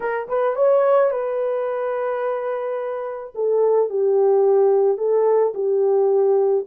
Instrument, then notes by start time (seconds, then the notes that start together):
horn
0.00 A#4
0.28 B4
0.55 C#5
1.11 B4
3.34 A4
3.89 G4
4.97 A4
5.54 G4